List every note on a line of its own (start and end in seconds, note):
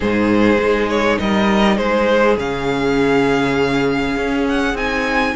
0.00 0.58 G#2
0.00 2.37 D#4
0.00 1.19 G#4
0.00 0.88 C5
0.58 1.18 G#3
0.88 1.18 C#5
1.19 1.78 G3
1.19 1.76 A#4
1.19 1.77 D#5
1.76 2.37 G#3
1.76 5.33 G#4
1.76 2.36 C5
2.37 4.16 C#3
2.37 4.75 C#4
2.37 4.47 F5
4.16 4.73 C#4
4.48 4.76 F#5
4.73 5.33 C4
4.73 5.35 D#4
4.73 5.36 G#5